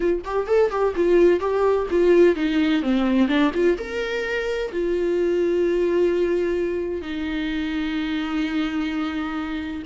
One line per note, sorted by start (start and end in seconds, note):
0.00 0.22 F4
0.24 0.46 G4
0.46 0.70 A4
0.70 0.94 G4
0.95 1.39 F4
1.39 1.86 G4
1.90 2.35 F4
2.35 2.82 D#4
2.82 3.27 C4
3.27 3.51 D4
3.54 3.77 F4
3.77 4.71 A#4
4.72 7.01 F4
7.01 9.82 D#4